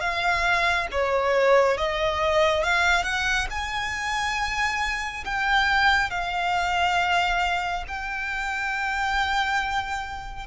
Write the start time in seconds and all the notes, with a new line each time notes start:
0.00 F5
0.91 C#5
1.77 D#5
2.63 F5
3.03 F#5
3.50 G#5
5.25 G5
6.10 F5
7.88 G5